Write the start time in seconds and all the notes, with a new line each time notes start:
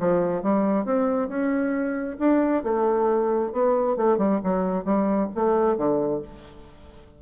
0.00 F3
0.43 G3
0.85 C4
1.29 C#4
2.19 D4
2.64 A3
3.53 B3
3.97 A3
4.18 G3
4.44 F#3
4.85 G3
5.35 A3
5.78 D3